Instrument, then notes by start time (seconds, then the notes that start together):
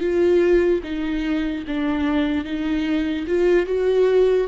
viola
0.00 F4
0.83 D#4
1.67 D4
2.44 D#4
3.27 F4
3.66 F#4